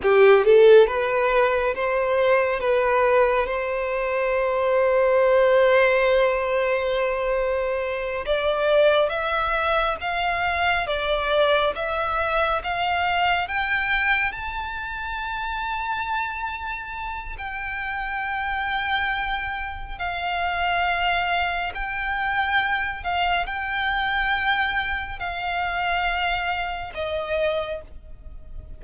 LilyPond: \new Staff \with { instrumentName = "violin" } { \time 4/4 \tempo 4 = 69 g'8 a'8 b'4 c''4 b'4 | c''1~ | c''4. d''4 e''4 f''8~ | f''8 d''4 e''4 f''4 g''8~ |
g''8 a''2.~ a''8 | g''2. f''4~ | f''4 g''4. f''8 g''4~ | g''4 f''2 dis''4 | }